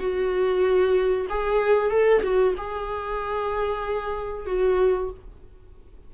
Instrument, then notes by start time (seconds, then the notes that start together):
viola
0.00 F#4
1.30 G#4
1.91 A4
2.23 F#4
2.58 G#4
4.47 F#4